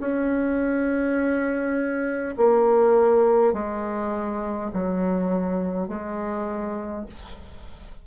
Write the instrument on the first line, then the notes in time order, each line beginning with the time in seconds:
bassoon
0.00 C#4
2.37 A#3
3.53 G#3
4.73 F#3
5.88 G#3